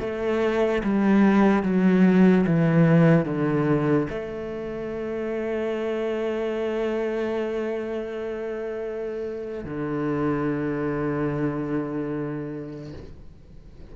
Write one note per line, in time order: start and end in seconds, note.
0.00 0.82 A3
0.83 1.63 G3
1.63 2.45 F#3
2.47 3.25 E3
3.25 4.07 D3
4.09 9.64 A3
9.65 12.93 D3